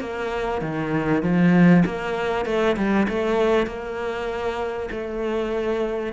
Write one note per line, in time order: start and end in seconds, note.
0.00 0.61 A#3
0.62 1.23 D#3
1.23 1.84 F3
1.85 2.45 A#3
2.45 2.76 A3
2.76 3.07 G3
3.08 3.67 A3
3.67 4.89 A#3
4.91 6.13 A3